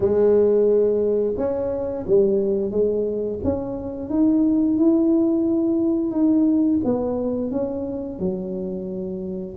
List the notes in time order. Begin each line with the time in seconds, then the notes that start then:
0.00 G#3
1.37 C#4
2.06 G3
2.71 G#3
3.43 C#4
4.09 D#4
4.77 E4
6.11 D#4
6.84 B3
7.51 C#4
8.19 F#3